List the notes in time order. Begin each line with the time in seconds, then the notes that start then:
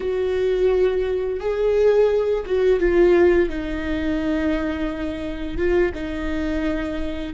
0.00 F#4
1.40 G#4
2.45 F#4
2.79 F4
3.49 D#4
5.57 F4
5.94 D#4